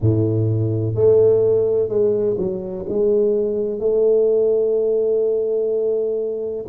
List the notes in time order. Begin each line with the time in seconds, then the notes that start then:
0.00 A2
0.94 A3
1.88 G#3
2.37 F#3
2.88 G#3
3.79 A3